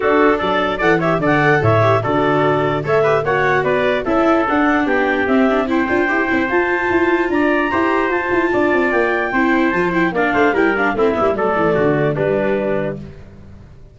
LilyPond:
<<
  \new Staff \with { instrumentName = "clarinet" } { \time 4/4 \tempo 4 = 148 a'4 d''4 fis''8 e''8 fis''4 | e''4 d''2 e''4 | fis''4 d''4 e''4 fis''4 | g''4 e''4 g''2 |
a''2 ais''2 | a''2 g''2 | a''8 g''8 f''4 g''8 f''8 e''4 | d''2 b'2 | }
  \new Staff \with { instrumentName = "trumpet" } { \time 4/4 fis'4 a'4 d''8 cis''8 d''4 | cis''4 a'2 cis''8 b'8 | cis''4 b'4 a'2 | g'2 c''2~ |
c''2 d''4 c''4~ | c''4 d''2 c''4~ | c''4 d''8 c''8 ais'4 e'4 | a'4 fis'4 d'2 | }
  \new Staff \with { instrumentName = "viola" } { \time 4/4 d'2 a'8 g'8 a'4~ | a'8 g'8 fis'2 a'8 g'8 | fis'2 e'4 d'4~ | d'4 c'8 d'8 e'8 f'8 g'8 e'8 |
f'2. g'4 | f'2. e'4 | f'8 e'8 d'4 e'8 d'8 c'8 b16 ais16 | a2 g2 | }
  \new Staff \with { instrumentName = "tuba" } { \time 4/4 d'4 fis4 e4 d4 | a,4 d2 a4 | ais4 b4 cis'4 d'4 | b4 c'4. d'8 e'8 c'8 |
f'4 e'4 d'4 e'4 | f'8 e'8 d'8 c'8 ais4 c'4 | f4 ais8 a8 g4 a8 g8 | fis8 e8 d4 g2 | }
>>